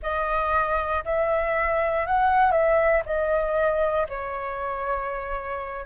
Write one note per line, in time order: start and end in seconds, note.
0.02 1.04 D#5
1.04 2.06 E5
2.06 2.51 F#5
2.51 3.02 E5
3.05 4.07 D#5
4.08 5.85 C#5